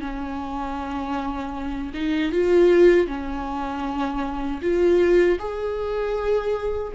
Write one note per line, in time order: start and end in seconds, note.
0.00 1.92 C#4
1.93 2.31 D#4
2.31 3.06 F4
3.06 4.60 C#4
4.62 5.38 F4
5.38 6.92 G#4